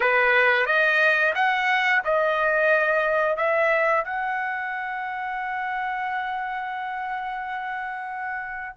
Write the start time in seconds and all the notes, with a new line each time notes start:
0.00 B4
0.66 D#5
1.35 F#5
2.04 D#5
3.36 E5
4.04 F#5